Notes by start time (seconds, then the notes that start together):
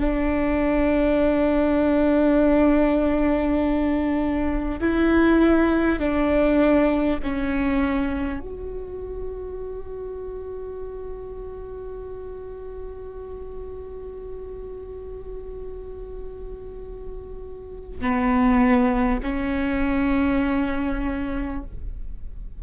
0.00 D4
4.80 E4
5.99 D4
7.23 C#4
8.39 F#4
18.00 B3
19.22 C#4